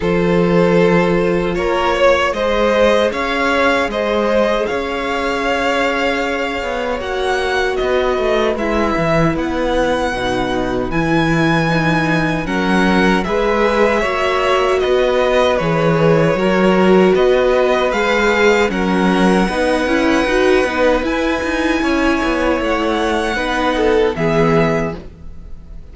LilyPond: <<
  \new Staff \with { instrumentName = "violin" } { \time 4/4 \tempo 4 = 77 c''2 cis''4 dis''4 | f''4 dis''4 f''2~ | f''4 fis''4 dis''4 e''4 | fis''2 gis''2 |
fis''4 e''2 dis''4 | cis''2 dis''4 f''4 | fis''2. gis''4~ | gis''4 fis''2 e''4 | }
  \new Staff \with { instrumentName = "violin" } { \time 4/4 a'2 ais'8 cis''8 c''4 | cis''4 c''4 cis''2~ | cis''2 b'2~ | b'1 |
ais'4 b'4 cis''4 b'4~ | b'4 ais'4 b'2 | ais'4 b'2. | cis''2 b'8 a'8 gis'4 | }
  \new Staff \with { instrumentName = "viola" } { \time 4/4 f'2. gis'4~ | gis'1~ | gis'4 fis'2 e'4~ | e'4 dis'4 e'4 dis'4 |
cis'4 gis'4 fis'2 | gis'4 fis'2 gis'4 | cis'4 dis'8 e'8 fis'8 dis'8 e'4~ | e'2 dis'4 b4 | }
  \new Staff \with { instrumentName = "cello" } { \time 4/4 f2 ais4 gis4 | cis'4 gis4 cis'2~ | cis'8 b8 ais4 b8 a8 gis8 e8 | b4 b,4 e2 |
fis4 gis4 ais4 b4 | e4 fis4 b4 gis4 | fis4 b8 cis'8 dis'8 b8 e'8 dis'8 | cis'8 b8 a4 b4 e4 | }
>>